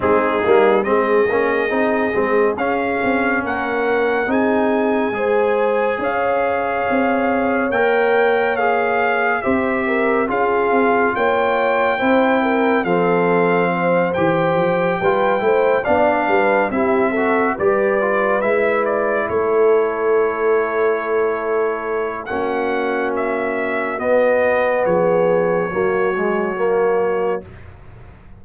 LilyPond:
<<
  \new Staff \with { instrumentName = "trumpet" } { \time 4/4 \tempo 4 = 70 gis'4 dis''2 f''4 | fis''4 gis''2 f''4~ | f''4 g''4 f''4 e''4 | f''4 g''2 f''4~ |
f''8 g''2 f''4 e''8~ | e''8 d''4 e''8 d''8 cis''4.~ | cis''2 fis''4 e''4 | dis''4 cis''2. | }
  \new Staff \with { instrumentName = "horn" } { \time 4/4 dis'4 gis'2. | ais'4 gis'4 c''4 cis''4~ | cis''2. c''8 ais'8 | gis'4 cis''4 c''8 ais'8 a'4 |
c''4. b'8 c''8 d''8 b'8 g'8 | a'8 b'2 a'4.~ | a'2 fis'2~ | fis'4 gis'4 fis'2 | }
  \new Staff \with { instrumentName = "trombone" } { \time 4/4 c'8 ais8 c'8 cis'8 dis'8 c'8 cis'4~ | cis'4 dis'4 gis'2~ | gis'4 ais'4 gis'4 g'4 | f'2 e'4 c'4~ |
c'8 g'4 f'8 e'8 d'4 e'8 | fis'8 g'8 f'8 e'2~ e'8~ | e'2 cis'2 | b2 ais8 gis8 ais4 | }
  \new Staff \with { instrumentName = "tuba" } { \time 4/4 gis8 g8 gis8 ais8 c'8 gis8 cis'8 c'8 | ais4 c'4 gis4 cis'4 | c'4 ais2 c'4 | cis'8 c'8 ais4 c'4 f4~ |
f8 e8 f8 g8 a8 b8 g8 c'8~ | c'8 g4 gis4 a4.~ | a2 ais2 | b4 f4 fis2 | }
>>